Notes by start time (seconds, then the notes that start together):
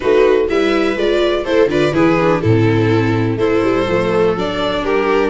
0.00 A3 D#4 F#4 B4
0.49 G3 E4 B4 E5
0.96 G#3 F4 D5
1.44 A3 E4 A4 C5
1.67 D3 F4 B4 D5
1.92 E3 E4 G#4 B4
2.20 D4
2.40 A2 C4 E4 A4
3.36 A3 E4 A4 C5
3.62 G3
3.88 F3 A3
4.35 F#3 D4 D5
4.82 G3 G4 A#4